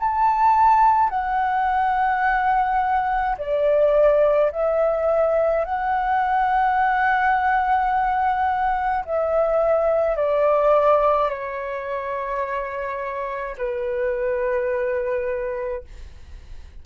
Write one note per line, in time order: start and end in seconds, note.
0.00 1.10 A5
1.10 3.36 F#5
3.38 4.51 D5
4.52 5.65 E5
5.65 9.05 F#5
9.06 10.17 E5
10.17 11.30 D5
11.30 13.56 C#5
13.58 15.84 B4